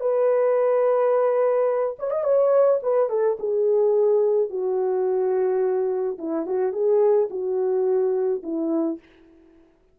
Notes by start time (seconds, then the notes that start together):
0.00 B4
1.99 C#5
2.10 D#5
2.23 C#5
2.82 B4
3.09 A4
3.39 G#4
4.49 F#4
6.18 E4
6.46 F#4
6.72 G#4
7.30 F#4
8.43 E4